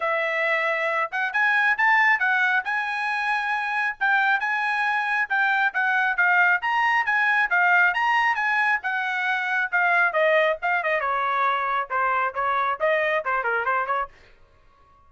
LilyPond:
\new Staff \with { instrumentName = "trumpet" } { \time 4/4 \tempo 4 = 136 e''2~ e''8 fis''8 gis''4 | a''4 fis''4 gis''2~ | gis''4 g''4 gis''2 | g''4 fis''4 f''4 ais''4 |
gis''4 f''4 ais''4 gis''4 | fis''2 f''4 dis''4 | f''8 dis''8 cis''2 c''4 | cis''4 dis''4 c''8 ais'8 c''8 cis''8 | }